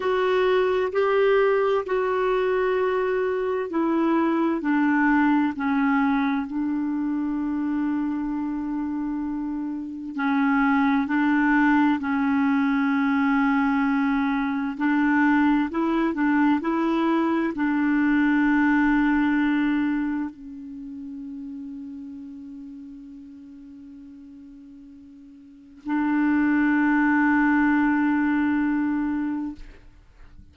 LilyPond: \new Staff \with { instrumentName = "clarinet" } { \time 4/4 \tempo 4 = 65 fis'4 g'4 fis'2 | e'4 d'4 cis'4 d'4~ | d'2. cis'4 | d'4 cis'2. |
d'4 e'8 d'8 e'4 d'4~ | d'2 cis'2~ | cis'1 | d'1 | }